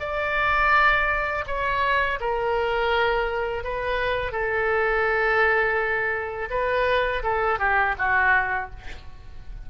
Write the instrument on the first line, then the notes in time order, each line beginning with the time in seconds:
oboe
0.00 D5
1.47 C#5
2.20 A#4
3.64 B4
4.32 A4
6.50 B4
7.23 A4
7.59 G4
7.98 F#4